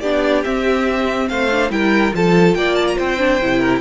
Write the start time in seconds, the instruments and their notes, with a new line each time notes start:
0.00 cello B3, viola D4, violin G4 D5
0.44 viola C4, cello C4, violin E5
1.28 cello A3, violin C5 F5
1.51 viola D4
1.70 cello G3, viola E4, violin A#4 G5
2.13 cello F3, viola F4, violin A4 A5
2.54 cello A#3, violin D5 G5
2.75 violin A5
2.87 violin A#5
2.96 cello C4, violin C5 G5
3.18 viola D4
3.42 cello C3, viola E4
3.59 violin A#4